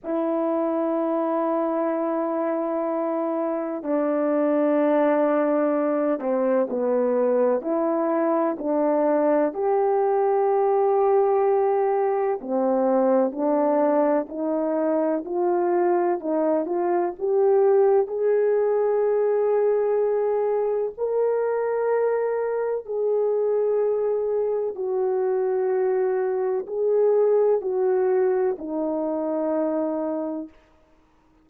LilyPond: \new Staff \with { instrumentName = "horn" } { \time 4/4 \tempo 4 = 63 e'1 | d'2~ d'8 c'8 b4 | e'4 d'4 g'2~ | g'4 c'4 d'4 dis'4 |
f'4 dis'8 f'8 g'4 gis'4~ | gis'2 ais'2 | gis'2 fis'2 | gis'4 fis'4 dis'2 | }